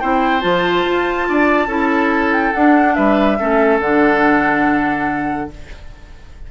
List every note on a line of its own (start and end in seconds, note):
0.00 0.44 C4
0.00 0.41 E4
0.00 1.28 C5
0.00 0.41 G5
0.41 0.85 F3
0.41 1.68 F4
0.41 2.31 A5
0.85 1.27 F4
1.29 1.67 D4
1.29 1.68 D5
1.67 2.52 C#4
1.67 2.53 E4
1.67 2.94 A4
2.32 2.53 G5
2.53 3.39 D4
2.53 2.98 D4
2.53 2.95 F#5
2.95 3.40 G3
2.95 3.38 B4
2.95 3.79 E5
3.39 3.80 A3
3.39 3.81 C#4
3.39 5.50 A4
3.80 5.49 D3
3.80 5.51 D4
3.80 5.50 F#5